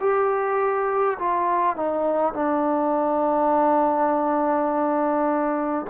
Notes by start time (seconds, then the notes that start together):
0.00 G4
1.19 F4
1.76 D#4
2.33 D4